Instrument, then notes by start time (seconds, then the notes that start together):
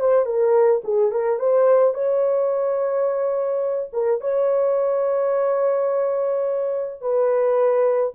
horn
0.00 C5
0.25 A#4
0.84 G#4
1.11 A#4
1.39 C5
1.94 C#5
3.93 A#4
4.21 C#5
7.01 B4